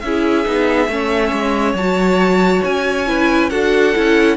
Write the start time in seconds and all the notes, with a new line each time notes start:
0.00 C#4 E4 G#4 E5
0.45 B3 D#4
0.88 A3 C#4 C#5
1.32 G#3
1.74 F#3 F#4 A5
2.64 C#4 G#5
3.07 E4 B4
3.50 D4 F#4 A4 F#5
3.94 C#4 E4